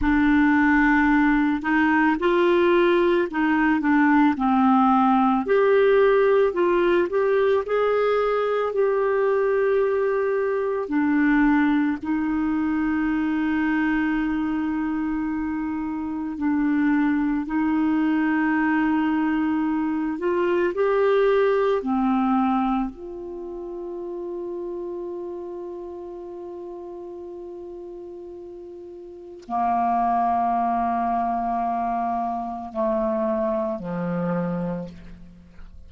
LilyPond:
\new Staff \with { instrumentName = "clarinet" } { \time 4/4 \tempo 4 = 55 d'4. dis'8 f'4 dis'8 d'8 | c'4 g'4 f'8 g'8 gis'4 | g'2 d'4 dis'4~ | dis'2. d'4 |
dis'2~ dis'8 f'8 g'4 | c'4 f'2.~ | f'2. ais4~ | ais2 a4 f4 | }